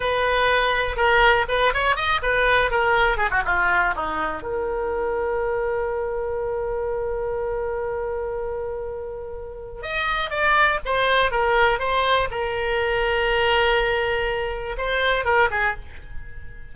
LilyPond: \new Staff \with { instrumentName = "oboe" } { \time 4/4 \tempo 4 = 122 b'2 ais'4 b'8 cis''8 | dis''8 b'4 ais'4 gis'16 fis'16 f'4 | dis'4 ais'2.~ | ais'1~ |
ais'1 | dis''4 d''4 c''4 ais'4 | c''4 ais'2.~ | ais'2 c''4 ais'8 gis'8 | }